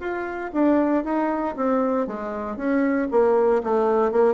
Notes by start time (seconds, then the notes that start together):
0.00 F4
0.53 D4
1.04 D#4
1.56 C4
2.07 G#3
2.57 C#4
3.11 A#3
3.64 A3
4.12 A#3